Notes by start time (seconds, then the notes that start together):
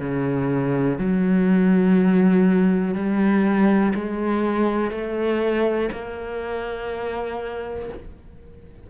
0.00 C#3
0.98 F#3
2.95 G3
3.95 G#3
4.91 A3
5.93 A#3